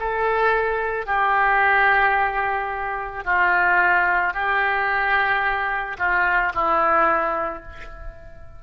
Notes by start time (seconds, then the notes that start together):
0.00 A4
1.07 G4
3.25 F4
4.34 G4
5.99 F4
6.54 E4